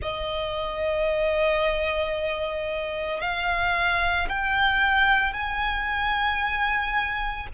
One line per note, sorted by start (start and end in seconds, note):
0.01 3.20 D#5
3.20 4.28 F5
4.29 5.33 G5
5.33 7.47 G#5